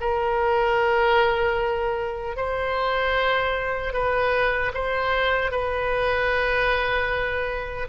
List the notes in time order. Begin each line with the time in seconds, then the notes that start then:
0.00 A#4
2.36 C5
3.93 B4
4.74 C5
5.51 B4